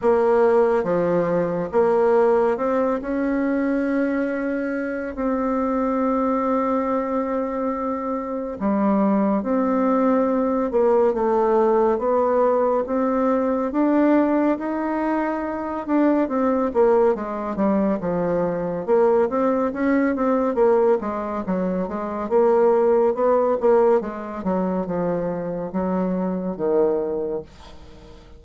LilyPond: \new Staff \with { instrumentName = "bassoon" } { \time 4/4 \tempo 4 = 70 ais4 f4 ais4 c'8 cis'8~ | cis'2 c'2~ | c'2 g4 c'4~ | c'8 ais8 a4 b4 c'4 |
d'4 dis'4. d'8 c'8 ais8 | gis8 g8 f4 ais8 c'8 cis'8 c'8 | ais8 gis8 fis8 gis8 ais4 b8 ais8 | gis8 fis8 f4 fis4 dis4 | }